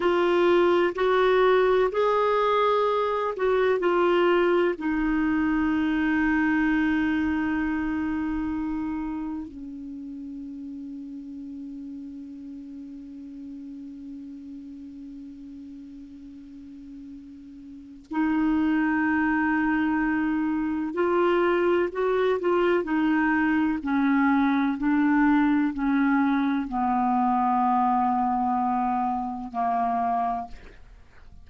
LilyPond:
\new Staff \with { instrumentName = "clarinet" } { \time 4/4 \tempo 4 = 63 f'4 fis'4 gis'4. fis'8 | f'4 dis'2.~ | dis'2 cis'2~ | cis'1~ |
cis'2. dis'4~ | dis'2 f'4 fis'8 f'8 | dis'4 cis'4 d'4 cis'4 | b2. ais4 | }